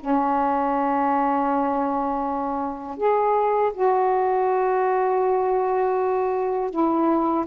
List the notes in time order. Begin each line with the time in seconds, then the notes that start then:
0.00 C#4
2.97 G#4
3.74 F#4
6.71 E4